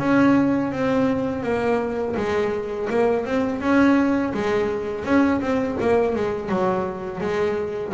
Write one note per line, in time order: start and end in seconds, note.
0.00 0.72 C#4
0.72 1.44 C4
1.44 2.16 A#3
2.17 2.89 G#3
2.90 3.26 A#3
3.26 3.61 C4
3.61 4.33 C#4
4.34 5.05 G#3
5.05 5.41 C#4
5.42 5.78 C4
5.81 6.16 A#3
6.16 6.49 G#3
6.49 7.21 F#3
7.21 7.94 G#3